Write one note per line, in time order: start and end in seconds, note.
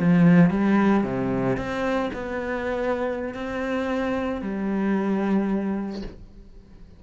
0.00 0.51 F3
0.51 1.04 G3
1.04 1.58 C3
1.58 2.11 C4
2.14 3.35 B3
3.35 4.42 C4
4.42 6.03 G3